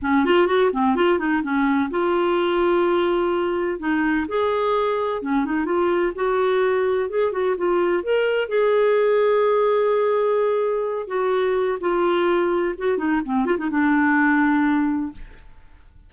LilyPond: \new Staff \with { instrumentName = "clarinet" } { \time 4/4 \tempo 4 = 127 cis'8 f'8 fis'8 c'8 f'8 dis'8 cis'4 | f'1 | dis'4 gis'2 cis'8 dis'8 | f'4 fis'2 gis'8 fis'8 |
f'4 ais'4 gis'2~ | gis'2.~ gis'8 fis'8~ | fis'4 f'2 fis'8 dis'8 | c'8 f'16 dis'16 d'2. | }